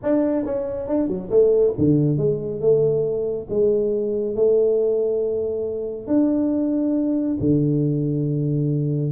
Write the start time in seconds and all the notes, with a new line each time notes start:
0.02 D4
0.45 C#4
0.88 D4
1.08 F#3
1.30 A3
1.77 D3
2.17 G#3
2.60 A3
3.49 G#3
4.35 A3
6.07 D4
7.40 D3